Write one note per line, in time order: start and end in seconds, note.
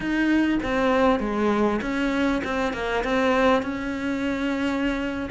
0.00 0.58 D#4
0.62 1.19 C4
1.19 1.80 G#3
1.81 2.42 C#4
2.44 2.73 C4
2.73 3.03 A#3
3.04 3.62 C4
3.62 5.29 C#4